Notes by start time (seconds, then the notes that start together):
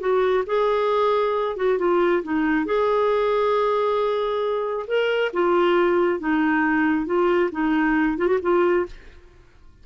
0.00 F#4
0.47 G#4
1.57 F#4
1.79 F4
2.23 D#4
2.66 G#4
4.87 A#4
5.33 F4
6.20 D#4
7.06 F4
7.52 D#4
8.18 F4
8.28 F#4
8.42 F4